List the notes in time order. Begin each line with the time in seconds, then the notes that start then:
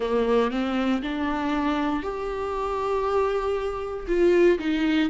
0.00 A#3
0.50 C4
1.02 D4
2.02 G4
4.07 F4
4.58 D#4